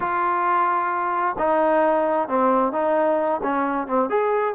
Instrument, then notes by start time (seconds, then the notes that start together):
trombone
0.00 F4
1.38 D#4
2.28 C4
2.72 D#4
3.42 C#4
3.87 C4
4.09 G#4